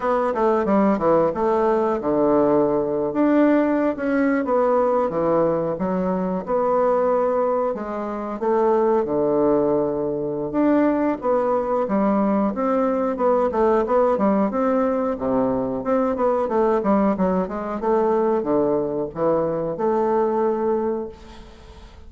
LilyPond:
\new Staff \with { instrumentName = "bassoon" } { \time 4/4 \tempo 4 = 91 b8 a8 g8 e8 a4 d4~ | d8. d'4~ d'16 cis'8. b4 e16~ | e8. fis4 b2 gis16~ | gis8. a4 d2~ d16 |
d'4 b4 g4 c'4 | b8 a8 b8 g8 c'4 c4 | c'8 b8 a8 g8 fis8 gis8 a4 | d4 e4 a2 | }